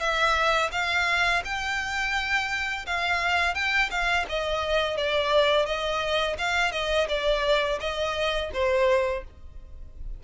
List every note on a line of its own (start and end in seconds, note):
0.00 0.71 E5
0.72 1.43 F5
1.45 2.86 G5
2.87 3.55 F5
3.55 3.90 G5
3.91 4.26 F5
4.30 4.97 D#5
4.97 5.66 D5
5.66 6.37 D#5
6.38 6.72 F5
6.72 7.07 D#5
7.09 7.79 D5
7.80 8.51 D#5
8.53 9.24 C5